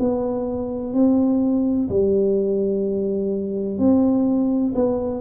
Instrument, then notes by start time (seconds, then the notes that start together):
tuba
0.00 B3
0.94 C4
1.90 G3
3.79 C4
4.75 B3